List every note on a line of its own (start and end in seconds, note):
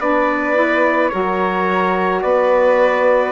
0.00 1.11 B3
0.00 0.55 D4
0.00 1.11 B4
0.00 1.08 D5
0.55 1.10 E4
1.08 2.23 F#3
1.08 3.32 F#4
1.08 2.22 A#4
1.08 2.19 C#5
2.22 3.32 B3
2.22 3.32 B4
2.22 3.32 D5